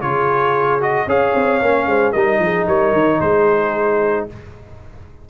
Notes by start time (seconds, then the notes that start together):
0.00 C#3 F4 G#4 C#5
0.80 F#4 D#5
1.06 C#4 G#4 C#5 F5
1.35 C4
1.62 A#3 C#4
1.86 G#3 C5
2.12 G3 D#4 A#4 D#5
2.39 F3 G#4
2.67 G3 A#4 C#5
2.93 D#3
3.18 G#3 G#4 C5